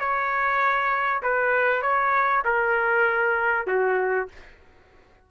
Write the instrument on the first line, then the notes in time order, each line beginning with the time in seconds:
trumpet
0.00 C#5
1.23 B4
1.83 C#5
2.45 A#4
3.67 F#4